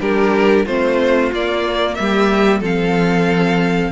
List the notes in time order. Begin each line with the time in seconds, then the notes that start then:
0.00 G3 D4 G4 A#4
0.65 A3 C4 F4 C5
1.32 A#3 D5
1.94 G3 E5
2.01 G4
2.60 F3 C4 A4 F5